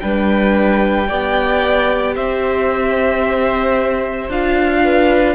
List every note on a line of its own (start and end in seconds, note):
0.00 1.10 G3
0.00 1.08 D4
0.00 1.08 B4
0.00 2.14 G5
1.08 2.17 B3
1.08 4.30 G4
1.08 2.15 D5
2.16 4.29 C4
2.16 4.84 C5
2.16 4.31 E5
4.29 5.36 D4
4.29 5.36 F4
4.29 5.36 F5
4.84 5.36 B4